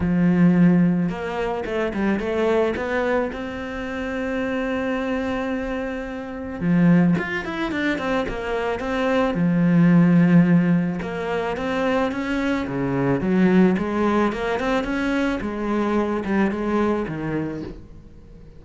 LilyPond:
\new Staff \with { instrumentName = "cello" } { \time 4/4 \tempo 4 = 109 f2 ais4 a8 g8 | a4 b4 c'2~ | c'1 | f4 f'8 e'8 d'8 c'8 ais4 |
c'4 f2. | ais4 c'4 cis'4 cis4 | fis4 gis4 ais8 c'8 cis'4 | gis4. g8 gis4 dis4 | }